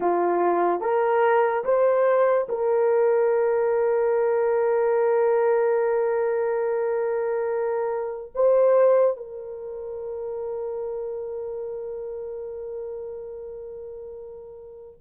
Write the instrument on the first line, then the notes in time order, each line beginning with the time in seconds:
horn
0.00 F4
0.80 A#4
1.64 C5
2.48 A#4
8.34 C5
9.17 A#4